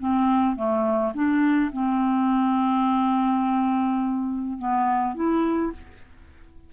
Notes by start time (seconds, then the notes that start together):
0.00 C4
0.56 A3
1.14 D4
1.73 C4
4.59 B3
5.15 E4